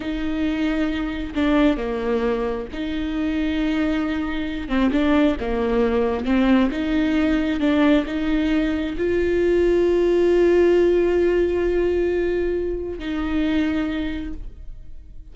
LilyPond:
\new Staff \with { instrumentName = "viola" } { \time 4/4 \tempo 4 = 134 dis'2. d'4 | ais2 dis'2~ | dis'2~ dis'8 c'8 d'4 | ais2 c'4 dis'4~ |
dis'4 d'4 dis'2 | f'1~ | f'1~ | f'4 dis'2. | }